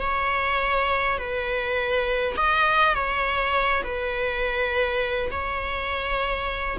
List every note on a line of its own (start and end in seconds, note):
0.00 1.18 C#5
1.18 2.35 B4
2.36 2.94 D#5
2.94 3.82 C#5
3.83 5.30 B4
5.30 6.77 C#5